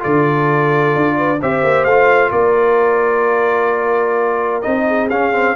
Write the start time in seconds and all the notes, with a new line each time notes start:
0.00 D3 F4 A4 D5
0.96 D4
1.17 B4
1.42 C4 G4 C5 E5
1.64 A#3
1.85 A3 F4 F5
2.32 A#3 A#4 D5
4.62 C4 D#4 D#5
4.87 G#4
5.10 C#4 F5
5.33 C4